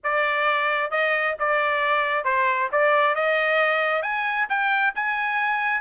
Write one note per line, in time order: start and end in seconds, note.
0.03 0.90 D5
0.90 1.35 D#5
1.39 2.24 D5
2.24 2.69 C5
2.72 3.15 D5
3.15 4.02 D#5
4.02 4.47 G#5
4.49 4.93 G5
4.95 5.81 G#5